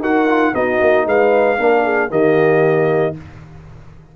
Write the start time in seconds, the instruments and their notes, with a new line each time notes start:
0.00 tuba D#4, trombone F#4, horn A#4, trumpet F#5
0.28 trombone F4
0.54 tuba B3, trombone D#4, horn F#4, trumpet D#5
0.81 tuba A#3
1.06 tuba G#3, horn B4, trumpet F5
1.58 tuba A#3, trombone D4, horn A#4
1.84 horn G#4
2.09 tuba D#3, trombone A#3, horn G4, trumpet D#5